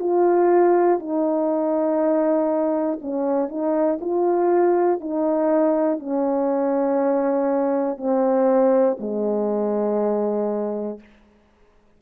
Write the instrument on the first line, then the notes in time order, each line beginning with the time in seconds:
horn
0.00 F4
1.00 D#4
3.01 C#4
3.49 D#4
4.01 F4
5.00 D#4
5.99 C#4
7.97 C4
9.00 G#3